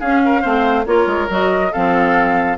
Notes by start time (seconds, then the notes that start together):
0.00 C#4 G#4 F5
0.25 A#4
0.42 A3 C4 C5
0.86 A#3 F4 A#4 C#5
1.07 G#3
1.30 F#3 F#4 D#5
1.72 F3 C4 A4 F5